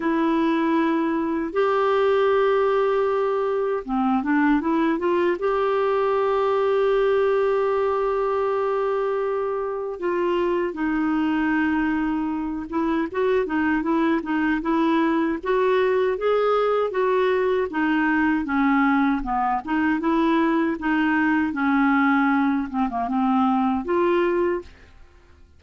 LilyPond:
\new Staff \with { instrumentName = "clarinet" } { \time 4/4 \tempo 4 = 78 e'2 g'2~ | g'4 c'8 d'8 e'8 f'8 g'4~ | g'1~ | g'4 f'4 dis'2~ |
dis'8 e'8 fis'8 dis'8 e'8 dis'8 e'4 | fis'4 gis'4 fis'4 dis'4 | cis'4 b8 dis'8 e'4 dis'4 | cis'4. c'16 ais16 c'4 f'4 | }